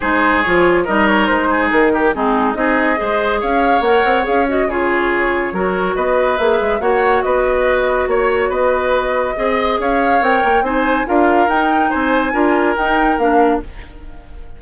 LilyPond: <<
  \new Staff \with { instrumentName = "flute" } { \time 4/4 \tempo 4 = 141 c''4 cis''4 dis''8 cis''8 c''4 | ais'4 gis'4 dis''2 | f''4 fis''4 f''8 dis''8 cis''4~ | cis''2 dis''4 e''4 |
fis''4 dis''2 cis''4 | dis''2. f''4 | g''4 gis''4 f''4 g''4 | gis''2 g''4 f''4 | }
  \new Staff \with { instrumentName = "oboe" } { \time 4/4 gis'2 ais'4. gis'8~ | gis'8 g'8 dis'4 gis'4 c''4 | cis''2. gis'4~ | gis'4 ais'4 b'2 |
cis''4 b'2 cis''4 | b'2 dis''4 cis''4~ | cis''4 c''4 ais'2 | c''4 ais'2. | }
  \new Staff \with { instrumentName = "clarinet" } { \time 4/4 dis'4 f'4 dis'2~ | dis'4 c'4 dis'4 gis'4~ | gis'4 ais'4 gis'8 fis'8 f'4~ | f'4 fis'2 gis'4 |
fis'1~ | fis'2 gis'2 | ais'4 dis'4 f'4 dis'4~ | dis'4 f'4 dis'4 d'4 | }
  \new Staff \with { instrumentName = "bassoon" } { \time 4/4 gis4 f4 g4 gis4 | dis4 gis4 c'4 gis4 | cis'4 ais8 c'8 cis'4 cis4~ | cis4 fis4 b4 ais8 gis8 |
ais4 b2 ais4 | b2 c'4 cis'4 | c'8 ais8 c'4 d'4 dis'4 | c'4 d'4 dis'4 ais4 | }
>>